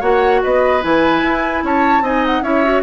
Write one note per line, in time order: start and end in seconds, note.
0.00 0.41 A#3
0.00 0.81 F#4
0.00 0.40 C#5
0.00 0.42 F#5
0.43 0.84 B3
0.43 1.64 B4
0.43 0.83 D#5
0.81 1.22 E3
0.81 2.02 E4
0.81 1.64 G#5
1.22 1.63 E4
1.63 2.01 C#4
1.63 2.03 C#5
1.63 2.05 A5
2.01 2.41 C4
2.01 2.43 D#4
2.01 2.43 D#5
2.01 2.25 G#5
2.26 2.43 F#5
2.42 2.82 C#4
2.42 2.63 E4
2.42 2.82 C#5
2.42 2.82 E5
2.64 2.82 F#4